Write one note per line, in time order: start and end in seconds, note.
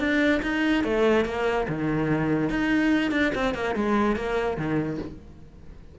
0.00 0.41 D4
0.43 0.84 D#4
0.84 1.26 A3
1.26 1.67 A#3
1.69 2.50 D#3
2.50 3.12 D#4
3.12 3.32 D4
3.35 3.55 C4
3.55 3.75 A#3
3.75 4.16 G#3
4.16 4.57 A#3
4.57 4.99 D#3